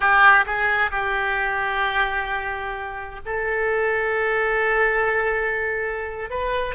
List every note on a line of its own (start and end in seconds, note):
0.00 0.45 G4
0.46 0.91 G#4
0.91 3.20 G4
3.25 6.30 A4
6.30 6.75 B4